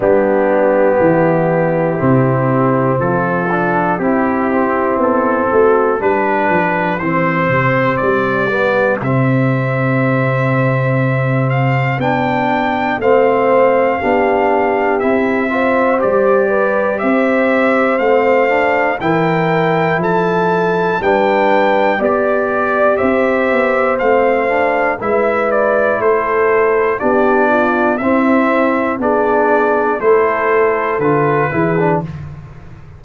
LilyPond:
<<
  \new Staff \with { instrumentName = "trumpet" } { \time 4/4 \tempo 4 = 60 g'2. a'4 | g'4 a'4 b'4 c''4 | d''4 e''2~ e''8 f''8 | g''4 f''2 e''4 |
d''4 e''4 f''4 g''4 | a''4 g''4 d''4 e''4 | f''4 e''8 d''8 c''4 d''4 | e''4 d''4 c''4 b'4 | }
  \new Staff \with { instrumentName = "horn" } { \time 4/4 d'4 e'2 f'4 | e'4. fis'8 g'2~ | g'1~ | g'4 c''4 g'4. c''8~ |
c''8 b'8 c''2 ais'4 | a'4 b'4 d''4 c''4~ | c''4 b'4 a'4 g'8 f'8 | e'4 gis'4 a'4. gis'8 | }
  \new Staff \with { instrumentName = "trombone" } { \time 4/4 b2 c'4. d'8 | e'8 c'4. d'4 c'4~ | c'8 b8 c'2. | d'4 c'4 d'4 e'8 f'8 |
g'2 c'8 d'8 e'4~ | e'4 d'4 g'2 | c'8 d'8 e'2 d'4 | c'4 d'4 e'4 f'8 e'16 d'16 | }
  \new Staff \with { instrumentName = "tuba" } { \time 4/4 g4 e4 c4 f4 | c'4 b8 a8 g8 f8 e8 c8 | g4 c2. | b4 a4 b4 c'4 |
g4 c'4 a4 e4 | f4 g4 b4 c'8 b8 | a4 gis4 a4 b4 | c'4 b4 a4 d8 e8 | }
>>